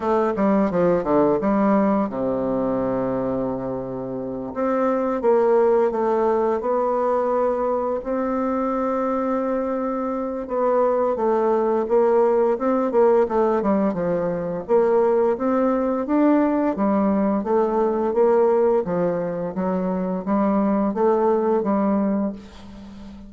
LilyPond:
\new Staff \with { instrumentName = "bassoon" } { \time 4/4 \tempo 4 = 86 a8 g8 f8 d8 g4 c4~ | c2~ c8 c'4 ais8~ | ais8 a4 b2 c'8~ | c'2. b4 |
a4 ais4 c'8 ais8 a8 g8 | f4 ais4 c'4 d'4 | g4 a4 ais4 f4 | fis4 g4 a4 g4 | }